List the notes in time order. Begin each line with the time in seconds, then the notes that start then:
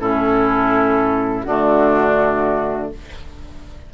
0.00 A2 C#4 E4 A4
1.43 D3 A3 D4 F#4